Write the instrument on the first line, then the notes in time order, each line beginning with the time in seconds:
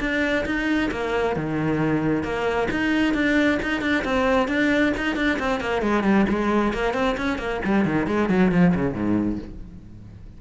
cello
0.00 D4
0.46 D#4
0.91 A#3
1.36 D#3
2.23 A#3
2.71 D#4
3.14 D4
3.62 D#4
3.81 D4
4.04 C4
4.48 D4
4.97 D#4
5.16 D4
5.39 C4
5.60 A#3
5.82 G#3
6.03 G3
6.29 G#3
6.73 A#3
6.94 C4
7.17 C#4
7.38 A#3
7.65 G3
7.85 D#3
8.07 G#3
8.29 F#3
8.51 F3
8.75 C#3
8.94 G#2